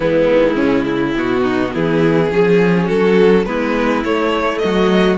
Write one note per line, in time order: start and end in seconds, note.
0.00 0.28 E3
0.00 1.13 G#3
0.00 0.55 B3
0.00 1.15 E4
0.31 0.60 D#3
0.55 1.15 C#3
0.55 0.84 C#4
0.86 1.42 E4
1.15 1.73 B2
1.15 2.30 B3
1.15 1.75 F#4
1.42 1.71 D#4
1.73 2.32 E3
1.73 2.30 E4
1.73 2.87 G#4
2.30 2.89 F3
2.30 3.45 C#4
2.30 2.85 G#4
2.85 3.46 F#3
2.85 3.43 F#4
2.85 3.45 A4
3.45 4.03 G#3
3.45 4.05 B3
3.45 4.63 E4
3.45 4.03 B4
4.04 4.62 A3
4.04 5.17 A3
4.04 4.58 C#5
4.58 5.17 F#3
4.58 5.17 F#4
4.58 5.16 D#5